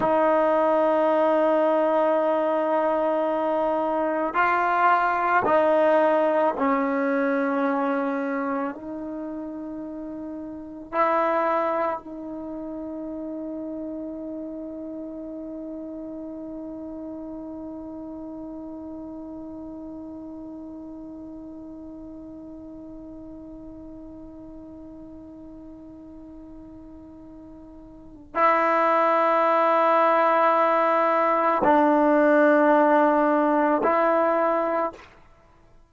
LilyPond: \new Staff \with { instrumentName = "trombone" } { \time 4/4 \tempo 4 = 55 dis'1 | f'4 dis'4 cis'2 | dis'2 e'4 dis'4~ | dis'1~ |
dis'1~ | dis'1~ | dis'2 e'2~ | e'4 d'2 e'4 | }